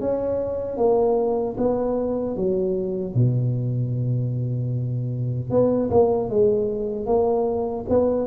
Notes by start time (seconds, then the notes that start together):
0.00 C#4
0.77 A#3
1.57 B3
2.36 F#3
3.14 B2
5.50 B3
5.90 A#3
6.29 G#3
7.06 A#3
7.89 B3